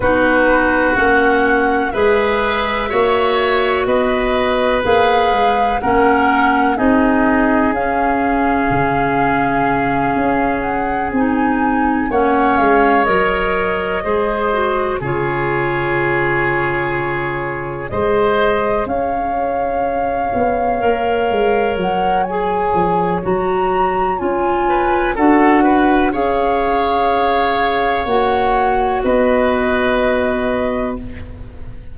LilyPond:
<<
  \new Staff \with { instrumentName = "flute" } { \time 4/4 \tempo 4 = 62 b'4 fis''4 e''2 | dis''4 f''4 fis''4 dis''4 | f''2. fis''8 gis''8~ | gis''8 fis''8 f''8 dis''2 cis''8~ |
cis''2~ cis''8 dis''4 f''8~ | f''2~ f''8 fis''8 gis''4 | ais''4 gis''4 fis''4 f''4~ | f''4 fis''4 dis''2 | }
  \new Staff \with { instrumentName = "oboe" } { \time 4/4 fis'2 b'4 cis''4 | b'2 ais'4 gis'4~ | gis'1~ | gis'8 cis''2 c''4 gis'8~ |
gis'2~ gis'8 c''4 cis''8~ | cis''1~ | cis''4. b'8 a'8 b'8 cis''4~ | cis''2 b'2 | }
  \new Staff \with { instrumentName = "clarinet" } { \time 4/4 dis'4 cis'4 gis'4 fis'4~ | fis'4 gis'4 cis'4 dis'4 | cis'2.~ cis'8 dis'8~ | dis'8 cis'4 ais'4 gis'8 fis'8 f'8~ |
f'2~ f'8 gis'4.~ | gis'4. ais'4. gis'4 | fis'4 f'4 fis'4 gis'4~ | gis'4 fis'2. | }
  \new Staff \with { instrumentName = "tuba" } { \time 4/4 b4 ais4 gis4 ais4 | b4 ais8 gis8 ais4 c'4 | cis'4 cis4. cis'4 c'8~ | c'8 ais8 gis8 fis4 gis4 cis8~ |
cis2~ cis8 gis4 cis'8~ | cis'4 b8 ais8 gis8 fis4 f8 | fis4 cis'4 d'4 cis'4~ | cis'4 ais4 b2 | }
>>